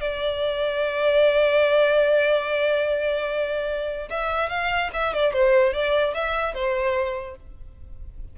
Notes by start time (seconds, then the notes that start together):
0.00 D5
4.10 E5
4.49 F5
4.93 E5
5.13 D5
5.32 C5
5.73 D5
6.14 E5
6.54 C5